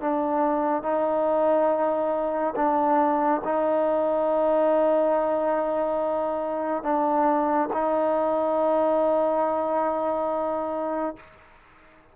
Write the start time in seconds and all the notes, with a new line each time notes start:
0.00 D4
0.83 D#4
2.56 D4
3.44 D#4
6.83 D4
7.73 D#4